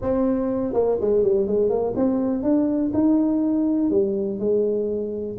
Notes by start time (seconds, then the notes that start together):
0.01 C4
0.73 A#3
1.00 G#3
1.23 G3
1.47 G#3
1.69 A#3
1.95 C4
2.42 D4
2.93 D#4
3.90 G3
4.39 G#3